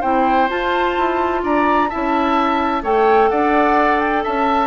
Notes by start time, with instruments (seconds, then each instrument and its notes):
0.00 bassoon C4, clarinet E4, oboe C5, flute G5
0.48 clarinet F4, bassoon F4, flute A5
0.97 bassoon E4
1.43 bassoon D4, oboe D5, flute A#5
1.89 bassoon C#4, clarinet E4, oboe E5, flute A5
2.83 bassoon A3, clarinet A4, oboe C#5, flute G5
3.29 bassoon D4, oboe D5, flute F#5
4.00 flute G5
4.23 bassoon C#4, oboe E5, flute A5